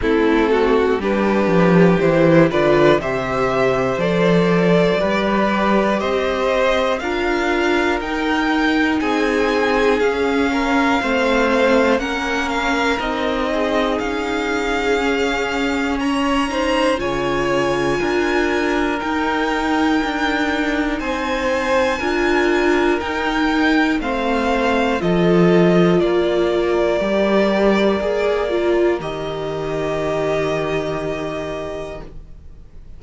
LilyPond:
<<
  \new Staff \with { instrumentName = "violin" } { \time 4/4 \tempo 4 = 60 a'4 b'4 c''8 d''8 e''4 | d''2 dis''4 f''4 | g''4 gis''4 f''2 | fis''8 f''8 dis''4 f''2 |
ais''4 gis''2 g''4~ | g''4 gis''2 g''4 | f''4 dis''4 d''2~ | d''4 dis''2. | }
  \new Staff \with { instrumentName = "violin" } { \time 4/4 e'8 fis'8 g'4. b'8 c''4~ | c''4 b'4 c''4 ais'4~ | ais'4 gis'4. ais'8 c''4 | ais'4. gis'2~ gis'8 |
cis''8 c''8 cis''4 ais'2~ | ais'4 c''4 ais'2 | c''4 a'4 ais'2~ | ais'1 | }
  \new Staff \with { instrumentName = "viola" } { \time 4/4 c'4 d'4 e'8 f'8 g'4 | a'4 g'2 f'4 | dis'2 cis'4 c'4 | cis'4 dis'2 cis'4~ |
cis'8 dis'8 f'2 dis'4~ | dis'2 f'4 dis'4 | c'4 f'2 g'4 | gis'8 f'8 g'2. | }
  \new Staff \with { instrumentName = "cello" } { \time 4/4 a4 g8 f8 e8 d8 c4 | f4 g4 c'4 d'4 | dis'4 c'4 cis'4 a4 | ais4 c'4 cis'2~ |
cis'4 cis4 d'4 dis'4 | d'4 c'4 d'4 dis'4 | a4 f4 ais4 g4 | ais4 dis2. | }
>>